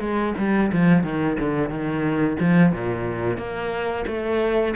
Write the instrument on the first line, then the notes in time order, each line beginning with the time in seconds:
cello
0.00 G#3
0.38 G3
0.72 F3
1.03 D#3
1.39 D3
1.69 D#3
2.40 F3
2.72 A#2
3.37 A#3
4.07 A3